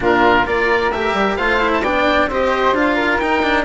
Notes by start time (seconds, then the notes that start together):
0.00 A#2 D4 F4 A#4
0.45 A#3 F4 A#4 D5
0.91 A3 G4 E5
1.13 G3
1.36 A3 F4 C5 F5
1.59 E4
1.73 A5
1.81 B3 D4 D5 G5
2.26 C4 G4 C5
2.32 D#5
2.72 D4 F4 F5
2.95 A#4
3.19 D#4 G5
3.42 D4